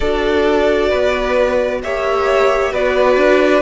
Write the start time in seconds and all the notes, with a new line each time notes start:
0.00 D4 F#4 A4 D5
0.88 B3 B4
1.83 A#3 G4 C#5 E5
2.72 B3 F#4 B4 D5
3.16 D4